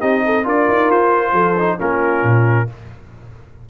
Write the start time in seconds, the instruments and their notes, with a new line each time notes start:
0.00 tuba C4, trombone D#4, horn G4, trumpet D#5
0.25 horn A4
0.44 tuba D4, trombone F4, horn A#4, trumpet D5
0.68 tuba D#4
0.90 tuba F4, trumpet C5
1.32 tuba F3, horn A4
1.59 trombone D#4
1.78 tuba A#3, trombone C#4, horn F4, trumpet A#4
2.23 tuba A#2